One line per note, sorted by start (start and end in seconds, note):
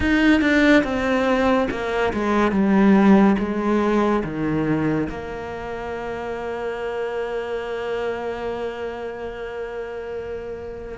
0.00 0.41 D#4
0.41 0.83 D4
0.83 1.67 C4
1.70 2.12 A#3
2.13 2.51 G#3
2.51 3.36 G3
3.38 4.23 G#3
4.23 5.08 D#3
5.09 10.98 A#3